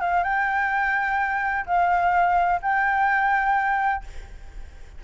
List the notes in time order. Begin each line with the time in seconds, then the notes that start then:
0.00 F5
0.23 G5
1.66 F5
2.62 G5